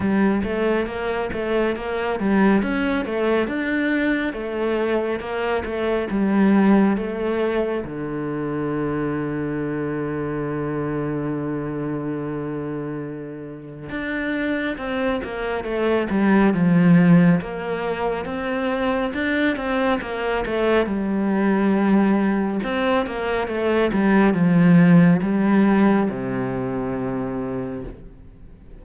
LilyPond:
\new Staff \with { instrumentName = "cello" } { \time 4/4 \tempo 4 = 69 g8 a8 ais8 a8 ais8 g8 cis'8 a8 | d'4 a4 ais8 a8 g4 | a4 d2.~ | d1 |
d'4 c'8 ais8 a8 g8 f4 | ais4 c'4 d'8 c'8 ais8 a8 | g2 c'8 ais8 a8 g8 | f4 g4 c2 | }